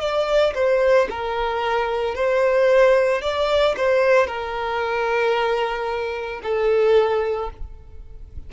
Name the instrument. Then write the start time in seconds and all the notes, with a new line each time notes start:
violin
0.00 D5
0.55 C5
1.10 A#4
2.15 C5
3.22 D5
3.76 C5
4.27 A#4
6.43 A4